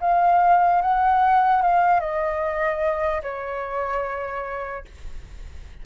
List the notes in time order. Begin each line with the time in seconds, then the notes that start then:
0.00 F5
0.81 F#5
1.61 F5
1.99 D#5
3.22 C#5